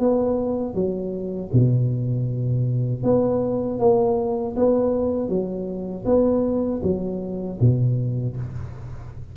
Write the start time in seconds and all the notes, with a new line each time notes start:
0.00 B3
0.75 F#3
1.53 B2
3.03 B3
3.79 A#3
4.56 B3
5.29 F#3
6.06 B3
6.83 F#3
7.61 B2